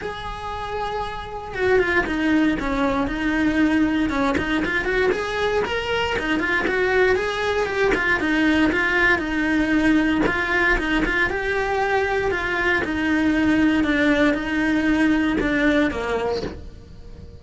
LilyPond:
\new Staff \with { instrumentName = "cello" } { \time 4/4 \tempo 4 = 117 gis'2. fis'8 f'8 | dis'4 cis'4 dis'2 | cis'8 dis'8 f'8 fis'8 gis'4 ais'4 | dis'8 f'8 fis'4 gis'4 g'8 f'8 |
dis'4 f'4 dis'2 | f'4 dis'8 f'8 g'2 | f'4 dis'2 d'4 | dis'2 d'4 ais4 | }